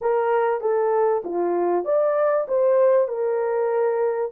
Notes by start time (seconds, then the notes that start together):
0.01 A#4
0.60 A4
1.24 F4
1.84 D5
2.48 C5
3.08 A#4